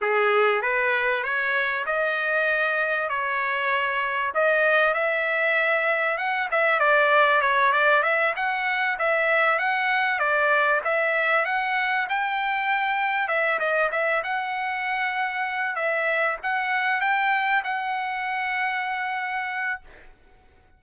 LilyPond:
\new Staff \with { instrumentName = "trumpet" } { \time 4/4 \tempo 4 = 97 gis'4 b'4 cis''4 dis''4~ | dis''4 cis''2 dis''4 | e''2 fis''8 e''8 d''4 | cis''8 d''8 e''8 fis''4 e''4 fis''8~ |
fis''8 d''4 e''4 fis''4 g''8~ | g''4. e''8 dis''8 e''8 fis''4~ | fis''4. e''4 fis''4 g''8~ | g''8 fis''2.~ fis''8 | }